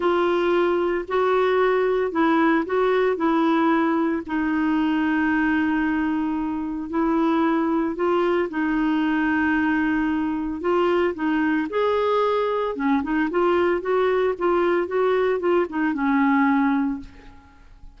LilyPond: \new Staff \with { instrumentName = "clarinet" } { \time 4/4 \tempo 4 = 113 f'2 fis'2 | e'4 fis'4 e'2 | dis'1~ | dis'4 e'2 f'4 |
dis'1 | f'4 dis'4 gis'2 | cis'8 dis'8 f'4 fis'4 f'4 | fis'4 f'8 dis'8 cis'2 | }